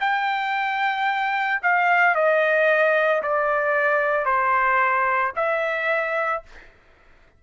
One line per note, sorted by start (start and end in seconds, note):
0.00 1.61 G5
1.63 2.15 F5
2.15 3.22 D#5
3.23 4.25 D5
4.25 5.32 C5
5.36 6.43 E5